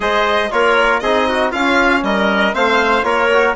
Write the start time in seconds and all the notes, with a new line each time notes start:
0.00 G#3 G#4 C5 D#5
0.51 A#3 F4 A#4 C#5
0.99 C4 D#4 G#4 D#5
1.28 F#4
1.51 C#4 F4 F5
2.02 G3 A#4 D#5
2.53 A3 C4 C5 F5
3.02 A#3 F4 A#4 C#5
3.33 F#4